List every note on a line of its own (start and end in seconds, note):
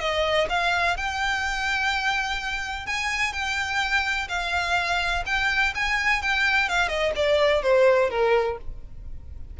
0.00 0.48 D#5
0.49 0.97 F5
0.97 2.87 G5
2.87 3.33 G#5
3.33 4.28 G5
4.28 5.24 F5
5.26 5.74 G5
5.75 6.22 G#5
6.22 6.69 G5
6.69 6.88 F5
6.88 7.12 D#5
7.16 7.63 D5
7.63 8.10 C5
8.10 8.58 A#4